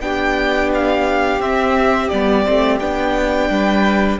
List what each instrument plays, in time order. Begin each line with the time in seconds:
0.00 cello B3, viola D4, violin G4 G5
0.74 violin F5
1.39 cello C4, viola C4, violin E5
2.08 cello G3, viola B3, violin D5
2.45 cello A3, viola C4
2.79 cello B3, viola D4, violin G5
3.49 cello G3, violin B4